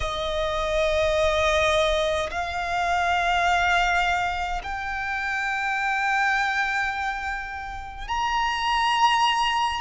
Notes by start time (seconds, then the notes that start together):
0.00 D#5
2.31 F5
4.63 G5
8.08 A#5